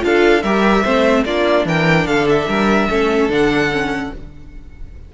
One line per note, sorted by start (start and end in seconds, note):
0.00 0.43 D4
0.00 0.41 F4
0.00 0.43 A4
0.00 0.42 F5
0.42 0.83 G3
0.42 0.84 G4
0.42 0.83 A#4
0.42 1.24 E5
0.83 1.24 A3
0.83 1.25 C4
0.83 1.24 C5
1.24 1.65 A#3
1.24 2.89 D4
1.24 1.66 F4
1.24 1.66 D5
1.65 2.05 E3
1.65 2.07 A#4
1.65 2.06 G5
2.06 2.47 D3
2.06 2.48 A4
2.06 2.27 F5
2.28 3.31 E5
2.47 2.88 G3
2.47 2.89 A#4
2.89 3.28 A3
2.89 3.29 C#4
2.89 4.12 A4
3.28 4.10 D3
3.28 3.70 D4
3.28 4.14 F#5
3.71 4.12 C#4